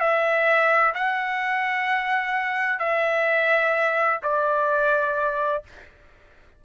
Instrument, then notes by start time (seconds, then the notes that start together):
trumpet
0.00 E5
0.94 F#5
2.79 E5
4.23 D5